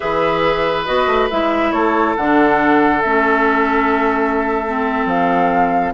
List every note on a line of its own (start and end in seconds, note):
0.00 0.87 E3
0.00 0.86 G#4
0.00 1.72 B4
0.00 0.85 E5
0.85 1.06 B3
0.85 1.29 F#4
0.85 1.28 D#5
1.06 1.28 A3
1.30 1.72 G#3
1.30 2.17 E4
1.30 1.71 E5
1.71 2.15 A3
1.71 5.93 A4
1.71 2.14 C#5
2.16 3.04 D3
2.16 3.04 D4
2.16 3.01 F#5
3.01 5.05 A3
3.01 4.66 C#4
3.01 5.06 E5
4.66 5.94 C4
5.05 5.92 F3
5.05 5.94 F5